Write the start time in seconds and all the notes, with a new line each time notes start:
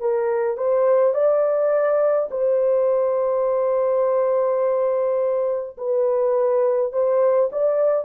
0.00 A#4
0.57 C5
1.14 D5
2.30 C5
5.77 B4
6.92 C5
7.52 D5